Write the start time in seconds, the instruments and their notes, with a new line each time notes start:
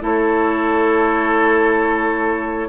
0.00 bassoon A3, clarinet E4, oboe A4, flute C#5